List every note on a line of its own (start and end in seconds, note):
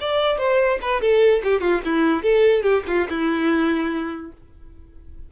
0.00 0.38 D5
0.38 0.78 C5
0.82 1.01 B4
1.01 1.42 A4
1.44 1.60 G4
1.60 1.81 F4
1.85 2.23 E4
2.23 2.63 A4
2.63 2.83 G4
2.87 3.07 F4
3.09 4.32 E4